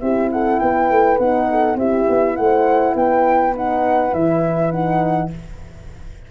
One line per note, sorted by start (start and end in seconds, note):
0.00 0.61 C4
0.00 1.20 E4
0.00 0.31 G4
0.00 0.29 E5
0.32 0.61 A4
0.32 0.59 F#5
0.59 0.90 B3
0.59 1.50 B4
0.59 1.18 G5
0.90 1.19 A3
1.19 1.75 B3
1.19 1.79 D#4
1.19 1.77 F#5
1.51 1.77 A4
1.75 2.05 C4
1.75 3.56 E4
1.75 2.36 G4
1.75 2.36 E5
2.09 2.38 B3
2.36 2.95 A3
2.36 2.94 C5
2.36 2.95 F#5
2.94 4.13 B3
2.94 5.30 B4
2.94 3.55 G5
3.56 4.10 D#4
3.56 4.14 F#5
4.10 5.31 E3
4.10 4.69 E4
4.10 4.71 E5
4.71 5.31 D#4
4.71 5.30 F#5